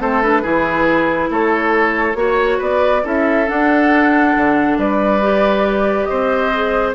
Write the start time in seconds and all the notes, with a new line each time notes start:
0.00 A3 C4 A4 C5
0.22 D4 B4
0.43 E3 E4 G#4
1.30 A3 A4 C#5
2.15 A#3 F#4 C#5
2.59 B3 B4 D5
3.04 C#4 E4 A4 E5
3.47 D4 F#5
4.37 D3
4.78 G3 B4 D5
5.22 G4
6.05 C5 D#5
6.11 C4
6.54 G#4